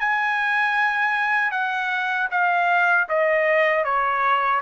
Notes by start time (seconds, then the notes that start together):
0.00 G#5
1.51 F#5
2.31 F5
3.09 D#5
3.84 C#5